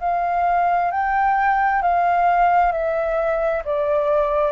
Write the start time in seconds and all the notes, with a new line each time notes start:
0.00 F5
0.91 G5
1.82 F5
2.71 E5
3.64 D5